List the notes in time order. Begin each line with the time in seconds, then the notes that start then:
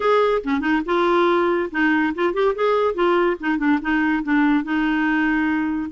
0.00 G#4
0.44 C#4
0.60 D#4
0.85 F4
1.71 D#4
2.14 F4
2.33 G4
2.55 G#4
2.94 F4
3.40 D#4
3.58 D4
3.81 D#4
4.23 D4
4.63 D#4